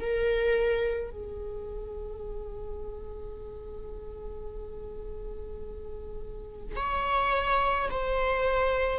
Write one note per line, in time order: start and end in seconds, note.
0.00 1.10 A#4
1.10 6.76 G#4
6.76 7.89 C#5
7.90 8.98 C5